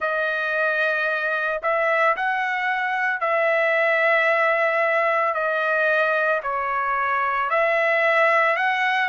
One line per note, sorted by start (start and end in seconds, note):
0.00 1.61 D#5
1.62 2.16 E5
2.16 3.20 F#5
3.20 5.33 E5
5.33 6.40 D#5
6.42 7.50 C#5
7.50 8.56 E5
8.56 9.09 F#5